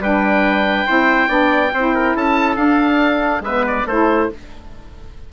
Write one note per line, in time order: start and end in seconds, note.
0.00 0.86 G3
0.00 0.87 D4
0.00 0.87 B4
0.00 2.17 G5
0.87 1.29 C4
0.87 1.29 E4
0.87 1.29 C5
1.29 1.72 B3
1.29 1.72 D4
1.29 1.71 D5
1.74 2.16 C4
1.74 2.57 E4
1.74 1.95 C5
1.95 2.16 A#4
2.16 2.57 C#4
2.16 3.44 A4
2.16 2.57 A5
2.57 3.41 D4
2.57 3.43 D4
2.57 3.42 F5
3.41 3.84 G#3
3.41 3.88 B3
3.41 3.87 B4
3.41 3.66 E5
3.68 3.88 D5
3.87 4.30 A3
3.87 4.33 E4
3.87 4.30 A4
3.87 4.31 C5